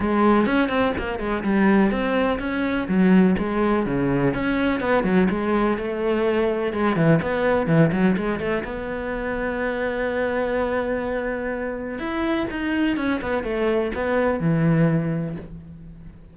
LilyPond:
\new Staff \with { instrumentName = "cello" } { \time 4/4 \tempo 4 = 125 gis4 cis'8 c'8 ais8 gis8 g4 | c'4 cis'4 fis4 gis4 | cis4 cis'4 b8 fis8 gis4 | a2 gis8 e8 b4 |
e8 fis8 gis8 a8 b2~ | b1~ | b4 e'4 dis'4 cis'8 b8 | a4 b4 e2 | }